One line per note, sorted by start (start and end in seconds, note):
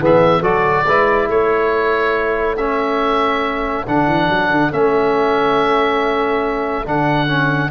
0.00 0.42 E3
0.00 0.42 B3
0.00 0.40 G#4
0.00 0.43 E5
0.40 0.85 F#3
0.40 0.85 F#4
0.40 0.83 A4
0.40 1.29 D5
0.85 1.28 G#3
0.85 2.58 E4
0.85 1.29 B4
1.28 3.85 A3
1.28 7.70 A4
1.28 2.57 C#5
2.57 3.86 C#4
2.57 3.85 E5
3.87 4.07 D3
3.87 4.72 D4
3.87 4.72 F#5
4.07 4.29 E3
4.29 4.50 F#3
4.50 4.72 D3
4.72 6.85 A3
4.72 6.85 C#4
4.72 6.87 E5
6.85 7.70 D3
6.85 7.28 D4
6.85 7.70 F#5
7.28 7.70 C#4